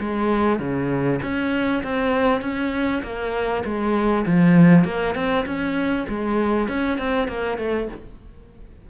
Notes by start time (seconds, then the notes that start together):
0.00 G#3
0.60 C#3
1.23 C#4
1.84 C4
2.42 C#4
3.04 A#3
3.65 G#3
4.26 F3
4.85 A#3
5.15 C4
5.46 C#4
6.09 G#3
6.69 C#4
6.99 C4
7.28 A#3
7.58 A3